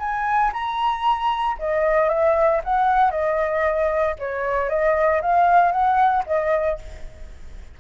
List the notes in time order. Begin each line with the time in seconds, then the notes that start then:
0.00 G#5
0.54 A#5
1.59 D#5
2.09 E5
2.64 F#5
3.11 D#5
4.19 C#5
4.70 D#5
5.22 F5
5.72 F#5
6.27 D#5